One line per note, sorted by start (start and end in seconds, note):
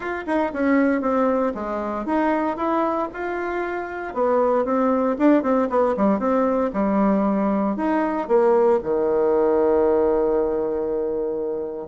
0.00 0.24 F4
0.26 0.52 D#4
0.53 1.01 C#4
1.01 1.52 C4
1.54 2.05 G#3
2.05 2.56 D#4
2.56 3.08 E4
3.13 4.14 F4
4.14 4.64 B3
4.64 5.16 C4
5.18 5.42 D4
5.42 5.68 C4
5.69 5.95 B3
5.96 6.19 G3
6.19 6.71 C4
6.73 7.76 G3
7.76 8.28 D#4
8.28 8.79 A#3
8.83 11.88 D#3